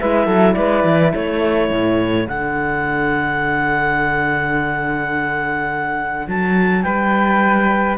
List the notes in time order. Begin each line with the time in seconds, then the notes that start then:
0.00 G#3 E4 B4 E5
0.25 F#3 A4
0.54 G#3 B4 D5
0.84 E3
1.13 A3 A4 C#5
1.70 A2
2.27 D3 D4 F#5
6.27 F#3 A5
6.82 G3 B4 G5